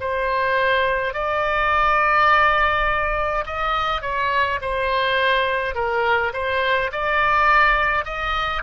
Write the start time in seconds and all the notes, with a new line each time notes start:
0.00 C5
1.14 D5
3.46 D#5
4.02 C#5
4.62 C5
5.75 A#4
6.33 C5
6.92 D5
8.05 D#5